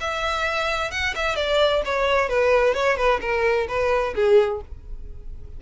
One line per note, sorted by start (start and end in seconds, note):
0.00 0.91 E5
0.91 1.14 F#5
1.15 1.36 E5
1.36 1.82 D5
1.85 2.29 C#5
2.29 2.74 B4
2.74 2.97 C#5
2.97 3.20 B4
3.21 3.67 A#4
3.68 4.14 B4
4.15 4.61 G#4